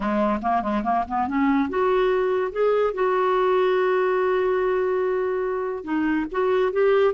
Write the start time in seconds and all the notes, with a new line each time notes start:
0.00 G#3
0.42 A#3
0.62 G#3
0.83 A#3
1.08 B3
1.27 C#4
1.69 F#4
2.52 G#4
2.94 F#4
5.84 D#4
6.31 F#4
6.72 G4